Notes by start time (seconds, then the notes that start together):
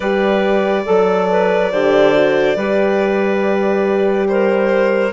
0.00 G3 G4 B4 D5
0.84 F#3 A4
1.29 B4
1.72 D3 G4 C5
2.14 F#4
2.55 G3 G4 B4
4.28 A#4 C5